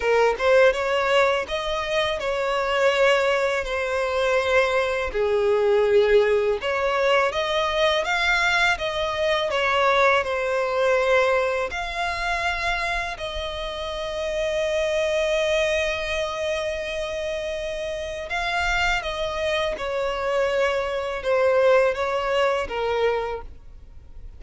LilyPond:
\new Staff \with { instrumentName = "violin" } { \time 4/4 \tempo 4 = 82 ais'8 c''8 cis''4 dis''4 cis''4~ | cis''4 c''2 gis'4~ | gis'4 cis''4 dis''4 f''4 | dis''4 cis''4 c''2 |
f''2 dis''2~ | dis''1~ | dis''4 f''4 dis''4 cis''4~ | cis''4 c''4 cis''4 ais'4 | }